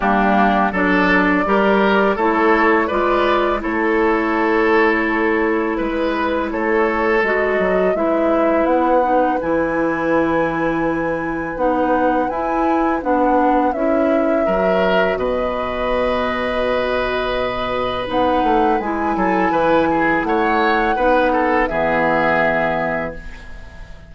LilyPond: <<
  \new Staff \with { instrumentName = "flute" } { \time 4/4 \tempo 4 = 83 g'4 d''2 cis''4 | d''4 cis''2. | b'4 cis''4 dis''4 e''4 | fis''4 gis''2. |
fis''4 gis''4 fis''4 e''4~ | e''4 dis''2.~ | dis''4 fis''4 gis''2 | fis''2 e''2 | }
  \new Staff \with { instrumentName = "oboe" } { \time 4/4 d'4 a'4 ais'4 a'4 | b'4 a'2. | b'4 a'2 b'4~ | b'1~ |
b'1 | ais'4 b'2.~ | b'2~ b'8 a'8 b'8 gis'8 | cis''4 b'8 a'8 gis'2 | }
  \new Staff \with { instrumentName = "clarinet" } { \time 4/4 ais4 d'4 g'4 e'4 | f'4 e'2.~ | e'2 fis'4 e'4~ | e'8 dis'8 e'2. |
dis'4 e'4 d'4 e'4 | fis'1~ | fis'4 dis'4 e'2~ | e'4 dis'4 b2 | }
  \new Staff \with { instrumentName = "bassoon" } { \time 4/4 g4 fis4 g4 a4 | gis4 a2. | gis4 a4 gis8 fis8 gis4 | b4 e2. |
b4 e'4 b4 cis'4 | fis4 b,2.~ | b,4 b8 a8 gis8 fis8 e4 | a4 b4 e2 | }
>>